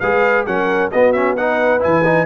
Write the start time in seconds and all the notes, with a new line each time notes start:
0.00 G#3 G#4 B4 F5
0.46 F#3 C#4 A#4 F#5
0.91 B3 F#4 D#5
1.12 C#4 E5
1.36 D#4 B4 F#5
1.80 E3 E4 G#5
2.05 D#4